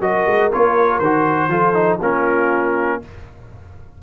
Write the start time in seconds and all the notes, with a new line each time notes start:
0.00 F#3 F#4 A#4 D#5
0.27 G#3
0.53 A#3 F4 C#5
0.99 D#3 F#4 C5
1.49 F3 F4 A4
1.74 D#4
2.01 A#3 C#4 F4 A#4